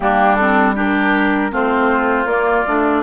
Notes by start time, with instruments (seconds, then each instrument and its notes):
0.00 bassoon G3, clarinet A#3, oboe D4, flute G4
0.35 clarinet C4, flute A4
0.75 clarinet D4, oboe G4, flute A#4
1.51 bassoon A3, clarinet C4, oboe F4, flute C5
2.25 bassoon A#3, clarinet A#3, flute D5
2.67 bassoon A3, clarinet D4